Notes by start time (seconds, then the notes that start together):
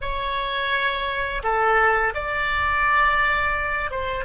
0.01 C#5
1.43 A4
2.14 D5
3.90 C5